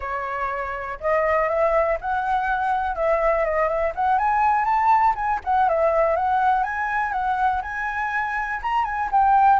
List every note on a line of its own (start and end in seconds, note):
0.00 0.98 C#5
1.00 1.48 D#5
1.48 1.98 E5
2.00 2.95 F#5
2.95 3.44 E5
3.44 3.68 D#5
3.68 3.92 E5
3.95 4.18 F#5
4.18 4.65 G#5
4.65 5.14 A5
5.15 5.40 G#5
5.44 5.68 F#5
5.68 6.15 E5
6.15 6.63 F#5
6.63 7.12 G#5
7.12 7.61 F#5
7.62 8.60 G#5
8.62 8.84 A#5
8.84 9.09 G#5
9.11 9.59 G5